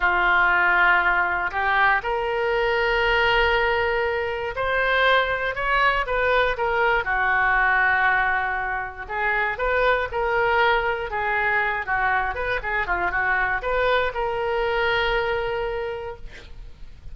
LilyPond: \new Staff \with { instrumentName = "oboe" } { \time 4/4 \tempo 4 = 119 f'2. g'4 | ais'1~ | ais'4 c''2 cis''4 | b'4 ais'4 fis'2~ |
fis'2 gis'4 b'4 | ais'2 gis'4. fis'8~ | fis'8 b'8 gis'8 f'8 fis'4 b'4 | ais'1 | }